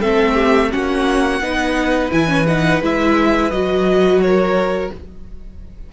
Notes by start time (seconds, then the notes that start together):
0.00 A3 C4 A4 E5
0.34 G4
0.71 A#3 C#4 F#4 F#5
1.41 B3 D#4 B4
2.11 E3 E4 G#5
2.28 C#4
2.47 D#4 F#5
2.81 G#3 E4 E5
3.51 F#3 F#4 D#5
4.21 A#4 C#5